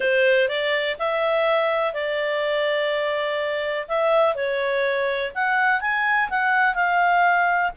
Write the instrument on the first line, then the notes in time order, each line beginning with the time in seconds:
clarinet
0.00 C5
0.48 D5
0.99 E5
1.93 D5
3.88 E5
4.35 C#5
5.34 F#5
5.80 G#5
6.29 F#5
6.75 F5